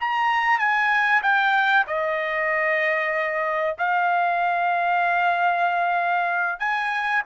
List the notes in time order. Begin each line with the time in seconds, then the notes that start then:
0.00 A#5
0.59 G#5
1.23 G5
1.87 D#5
3.78 F5
6.59 G#5